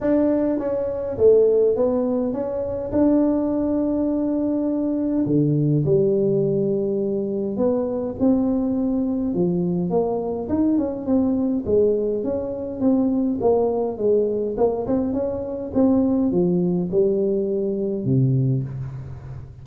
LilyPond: \new Staff \with { instrumentName = "tuba" } { \time 4/4 \tempo 4 = 103 d'4 cis'4 a4 b4 | cis'4 d'2.~ | d'4 d4 g2~ | g4 b4 c'2 |
f4 ais4 dis'8 cis'8 c'4 | gis4 cis'4 c'4 ais4 | gis4 ais8 c'8 cis'4 c'4 | f4 g2 c4 | }